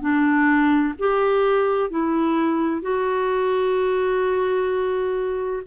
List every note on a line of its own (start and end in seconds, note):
0.00 0.94 D4
0.98 1.90 G4
1.90 2.81 E4
2.81 5.62 F#4